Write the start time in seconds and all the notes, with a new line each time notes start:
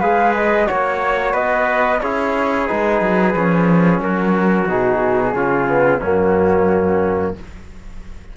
0.00 G#3 G#4 B4 F5
0.35 D#5
0.66 A#3 F#4 C#5
1.33 B3 B4 D#5
2.01 C#4 E4 G#4 C#5
2.67 G#3 D#4 B4
3.01 F#3
3.35 F3 C#4
4.00 F#3 F#4 A#4
4.68 B2 D#4 G#4
5.34 C#3 C#4 F4
5.68 B3
6.01 F#2 A#3 C#4 F#4